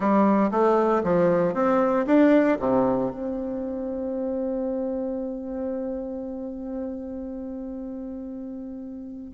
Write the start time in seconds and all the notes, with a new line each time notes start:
0.00 G3
0.51 A3
1.03 F3
1.54 C4
2.06 D4
2.59 C3
3.10 C4